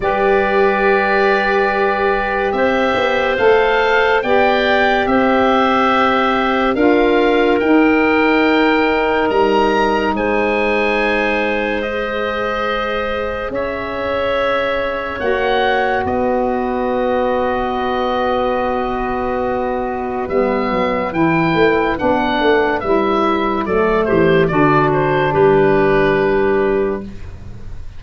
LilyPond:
<<
  \new Staff \with { instrumentName = "oboe" } { \time 4/4 \tempo 4 = 71 d''2. e''4 | f''4 g''4 e''2 | f''4 g''2 ais''4 | gis''2 dis''2 |
e''2 fis''4 dis''4~ | dis''1 | e''4 g''4 fis''4 e''4 | d''8 c''8 d''8 c''8 b'2 | }
  \new Staff \with { instrumentName = "clarinet" } { \time 4/4 b'2. c''4~ | c''4 d''4 c''2 | ais'1 | c''1 |
cis''2. b'4~ | b'1~ | b'1 | a'8 g'8 fis'4 g'2 | }
  \new Staff \with { instrumentName = "saxophone" } { \time 4/4 g'1 | a'4 g'2. | f'4 dis'2.~ | dis'2 gis'2~ |
gis'2 fis'2~ | fis'1 | b4 e'4 d'4 e'4 | a4 d'2. | }
  \new Staff \with { instrumentName = "tuba" } { \time 4/4 g2. c'8 b8 | a4 b4 c'2 | d'4 dis'2 g4 | gis1 |
cis'2 ais4 b4~ | b1 | g8 fis8 e8 a8 b8 a8 g4 | fis8 e8 d4 g2 | }
>>